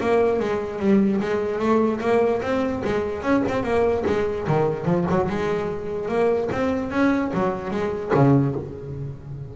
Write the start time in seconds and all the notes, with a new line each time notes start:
0.00 A#3
0.39 G#3
0.79 G3
1.20 G#3
1.58 A3
2.00 A#3
2.42 C4
2.84 G#3
3.22 C#4
3.48 C4
3.63 A#3
4.06 G#3
4.47 D#3
4.85 F3
5.10 F#3
5.29 G#3
6.08 A#3
6.52 C4
6.91 C#4
7.33 F#3
7.71 G#3
8.14 C#3